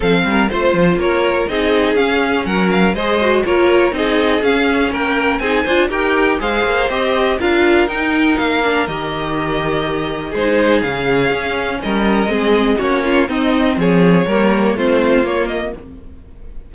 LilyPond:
<<
  \new Staff \with { instrumentName = "violin" } { \time 4/4 \tempo 4 = 122 f''4 c''4 cis''4 dis''4 | f''4 fis''8 f''8 dis''4 cis''4 | dis''4 f''4 g''4 gis''4 | g''4 f''4 dis''4 f''4 |
g''4 f''4 dis''2~ | dis''4 c''4 f''2 | dis''2 cis''4 dis''4 | cis''2 c''4 cis''8 dis''8 | }
  \new Staff \with { instrumentName = "violin" } { \time 4/4 a'8 ais'8 c''4 ais'4 gis'4~ | gis'4 ais'4 c''4 ais'4 | gis'2 ais'4 gis'8 c''8 | ais'4 c''2 ais'4~ |
ais'1~ | ais'4 gis'2. | ais'4 gis'4 fis'8 f'8 dis'4 | gis'4 ais'4 f'2 | }
  \new Staff \with { instrumentName = "viola" } { \time 4/4 c'4 f'2 dis'4 | cis'2 gis'8 fis'8 f'4 | dis'4 cis'2 dis'8 f'8 | g'4 gis'4 g'4 f'4 |
dis'4. d'8 g'2~ | g'4 dis'4 cis'2~ | cis'4 c'4 cis'4 c'4~ | c'4 ais4 c'4 ais4 | }
  \new Staff \with { instrumentName = "cello" } { \time 4/4 f8 g8 a8 f8 ais4 c'4 | cis'4 fis4 gis4 ais4 | c'4 cis'4 ais4 c'8 d'8 | dis'4 gis8 ais8 c'4 d'4 |
dis'4 ais4 dis2~ | dis4 gis4 cis4 cis'4 | g4 gis4 ais4 c'4 | f4 g4 a4 ais4 | }
>>